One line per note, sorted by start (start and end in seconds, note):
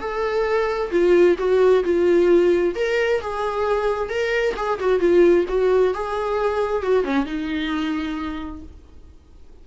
0.00 0.91 A4
0.91 1.37 F4
1.38 1.84 F#4
1.84 2.75 F4
2.75 3.21 A#4
3.21 4.09 G#4
4.09 4.55 A#4
4.56 4.79 G#4
4.80 5.00 F#4
5.00 5.45 F4
5.48 5.94 F#4
5.94 6.82 G#4
6.82 7.04 F#4
7.04 7.25 C#4
7.25 8.62 D#4